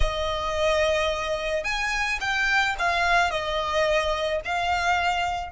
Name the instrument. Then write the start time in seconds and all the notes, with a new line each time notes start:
violin
0.00 D#5
1.64 G#5
2.20 G5
2.78 F5
3.30 D#5
4.44 F5